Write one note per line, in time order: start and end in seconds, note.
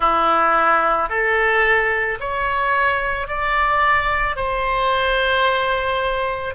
0.00 1.09 E4
1.09 2.18 A4
2.20 3.27 C#5
3.27 4.36 D5
4.36 6.54 C5